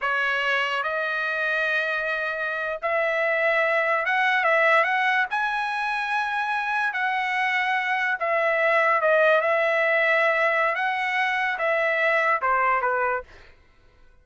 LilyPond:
\new Staff \with { instrumentName = "trumpet" } { \time 4/4 \tempo 4 = 145 cis''2 dis''2~ | dis''2~ dis''8. e''4~ e''16~ | e''4.~ e''16 fis''4 e''4 fis''16~ | fis''8. gis''2.~ gis''16~ |
gis''8. fis''2. e''16~ | e''4.~ e''16 dis''4 e''4~ e''16~ | e''2 fis''2 | e''2 c''4 b'4 | }